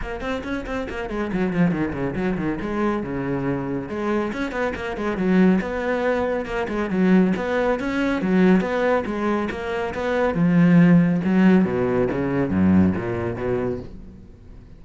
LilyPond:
\new Staff \with { instrumentName = "cello" } { \time 4/4 \tempo 4 = 139 ais8 c'8 cis'8 c'8 ais8 gis8 fis8 f8 | dis8 cis8 fis8 dis8 gis4 cis4~ | cis4 gis4 cis'8 b8 ais8 gis8 | fis4 b2 ais8 gis8 |
fis4 b4 cis'4 fis4 | b4 gis4 ais4 b4 | f2 fis4 b,4 | cis4 fis,4 ais,4 b,4 | }